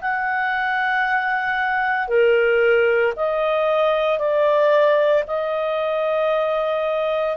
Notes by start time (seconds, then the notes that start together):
0.00 F#5
2.07 A#4
3.16 D#5
4.18 D5
5.27 D#5